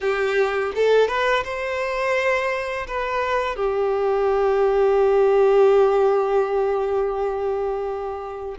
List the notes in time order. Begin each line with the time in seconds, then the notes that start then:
0.01 G4
0.75 A4
1.07 B4
1.44 C5
2.87 B4
3.56 G4